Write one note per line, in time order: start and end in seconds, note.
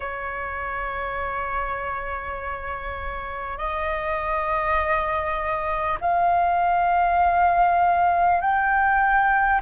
0.00 3.58 C#5
3.58 5.98 D#5
6.01 8.41 F5
8.41 9.61 G5